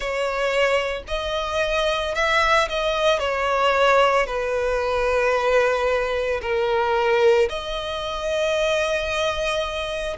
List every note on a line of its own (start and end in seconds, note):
0.00 1.03 C#5
1.07 2.14 D#5
2.14 2.68 E5
2.68 3.19 D#5
3.19 4.26 C#5
4.26 6.40 B4
6.41 7.48 A#4
7.49 10.16 D#5